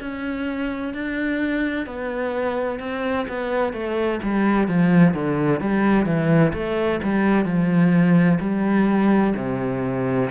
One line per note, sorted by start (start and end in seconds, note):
0.00 0.94 C#4
0.94 1.86 D4
1.86 2.80 B3
2.80 3.26 C4
3.28 3.73 B3
3.73 4.20 A3
4.23 4.67 G3
4.67 5.14 F3
5.14 5.60 D3
5.60 6.06 G3
6.06 6.52 E3
6.53 7.00 A3
7.03 7.45 G3
7.45 8.39 F3
8.40 9.34 G3
9.36 10.30 C3